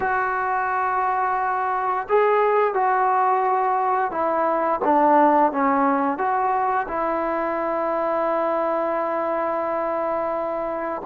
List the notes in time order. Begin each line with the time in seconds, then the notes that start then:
0.00 F#4
2.08 G#4
2.74 F#4
4.11 E4
4.84 D4
5.52 C#4
6.18 F#4
6.88 E4